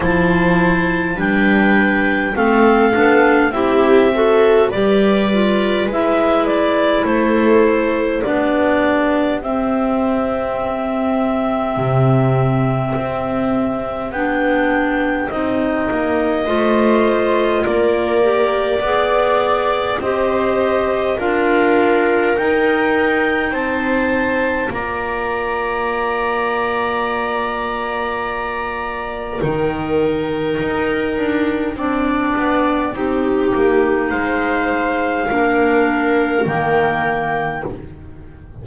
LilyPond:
<<
  \new Staff \with { instrumentName = "clarinet" } { \time 4/4 \tempo 4 = 51 a''4 g''4 f''4 e''4 | d''4 e''8 d''8 c''4 d''4 | e''1 | g''4 dis''2 d''4~ |
d''4 dis''4 f''4 g''4 | a''4 ais''2.~ | ais''4 g''2.~ | g''4 f''2 g''4 | }
  \new Staff \with { instrumentName = "viola" } { \time 4/4 c''4 b'4 a'4 g'8 a'8 | b'2 a'4 g'4~ | g'1~ | g'2 c''4 ais'4 |
d''4 c''4 ais'2 | c''4 d''2.~ | d''4 ais'2 d''4 | g'4 c''4 ais'2 | }
  \new Staff \with { instrumentName = "clarinet" } { \time 4/4 e'4 d'4 c'8 d'8 e'8 fis'8 | g'8 f'8 e'2 d'4 | c'1 | d'4 dis'4 f'4. g'8 |
gis'4 g'4 f'4 dis'4~ | dis'4 f'2.~ | f'4 dis'2 d'4 | dis'2 d'4 ais4 | }
  \new Staff \with { instrumentName = "double bass" } { \time 4/4 f4 g4 a8 b8 c'4 | g4 gis4 a4 b4 | c'2 c4 c'4 | b4 c'8 ais8 a4 ais4 |
b4 c'4 d'4 dis'4 | c'4 ais2.~ | ais4 dis4 dis'8 d'8 c'8 b8 | c'8 ais8 gis4 ais4 dis4 | }
>>